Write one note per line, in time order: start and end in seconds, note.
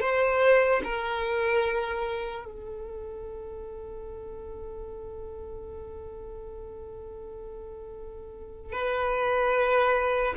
0.00 0.81 C5
0.84 2.45 A#4
2.45 8.72 A4
8.72 10.34 B4